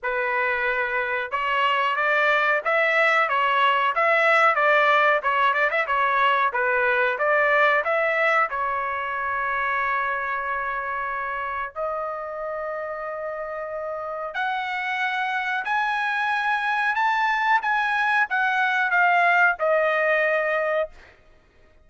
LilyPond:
\new Staff \with { instrumentName = "trumpet" } { \time 4/4 \tempo 4 = 92 b'2 cis''4 d''4 | e''4 cis''4 e''4 d''4 | cis''8 d''16 e''16 cis''4 b'4 d''4 | e''4 cis''2.~ |
cis''2 dis''2~ | dis''2 fis''2 | gis''2 a''4 gis''4 | fis''4 f''4 dis''2 | }